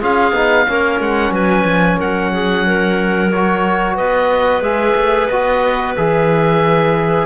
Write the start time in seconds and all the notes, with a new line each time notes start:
0.00 C#4 F4 G#4 F5
0.32 B3 D#4
0.67 A#3 C#4 A#4
1.00 G#3 F#5
1.31 F#3 B4 G#5
1.64 F3
1.98 F#3 A#4 F#5
2.33 G#4
2.66 A#4
3.31 F#4 C#5
3.95 B3 B4 D#5
4.61 G#3 G#4 E5
4.95 A3
5.28 B3 F#4 D#5
5.96 E3 G#4 E5